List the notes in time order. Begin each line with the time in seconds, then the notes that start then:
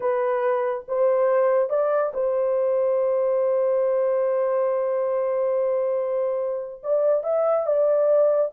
0.00 B4
0.88 C5
1.69 D5
2.13 C5
6.83 D5
7.23 E5
7.66 D5